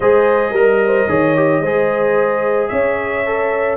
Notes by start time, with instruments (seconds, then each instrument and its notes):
0.00 tuba G#3, trombone G#4, horn C5, trumpet D#5
0.51 tuba G3, horn A#4, trombone A#4
0.85 horn C5
1.08 tuba D#3, trombone G#4, horn C#5
1.35 trombone G4
1.60 tuba G#3, trombone G#4, horn C5
2.68 tuba C#4, horn C#5, trumpet E5
3.26 trombone A4